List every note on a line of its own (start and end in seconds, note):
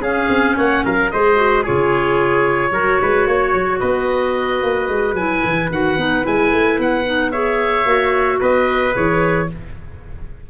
0.00 0.27 C#4
0.00 1.10 C#4
0.00 0.55 G#4
0.00 0.57 F5
0.29 0.56 C4
0.55 0.84 A#3
0.55 0.82 C#5
0.55 0.85 F#5
0.85 1.12 F#3
0.85 1.12 A#4
0.85 1.10 F5
1.10 1.67 G#3
1.10 1.36 G#4
1.10 1.62 C5
1.10 1.64 D#5
1.36 1.63 F#4
1.62 2.71 C#3
1.62 2.72 F4
1.62 2.71 G#4
1.62 3.80 C#5
2.71 2.98 F#3
2.71 5.15 F#4
2.71 3.00 A#4
3.01 3.27 G#3
3.01 3.27 B4
3.27 3.53 A#3
3.27 3.80 C#5
3.53 3.81 F#3
3.80 4.62 B3
3.80 7.31 B4
3.80 5.15 D#5
4.62 4.88 A#3
4.88 5.14 G#3
5.14 5.41 F#3
5.14 5.71 E4
5.14 5.69 G#5
5.44 5.70 E3
5.70 5.97 D#3
5.70 5.98 F#4
5.70 6.26 F#5
5.97 6.24 B3
5.97 6.23 D#4
6.23 6.52 G#3
6.23 7.04 E4
6.23 6.80 G#5
6.52 6.78 A3
6.78 7.85 B3
6.78 7.31 F#5
7.05 7.32 D#4
7.31 7.85 G#4
7.31 8.39 C#5
7.31 8.39 E5
7.85 8.39 A#3
7.85 8.92 F#4
8.39 8.96 B3
8.39 9.47 B4
8.39 8.95 D#5
8.92 9.50 E3
8.92 9.46 G#4
8.92 9.49 C#5